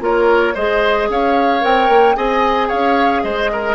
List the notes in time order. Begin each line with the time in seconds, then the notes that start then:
0.00 A#3 F4 A#4 C#5
0.54 G#3 G#4 C5 D#5
1.09 C#4 C#5 F5
1.61 C4 A#4 G5
1.89 A#3
2.15 C4 G#4 D#5 G#5
2.68 C#4 C#5 F5
3.23 G#3 C5 D#5
3.52 A#4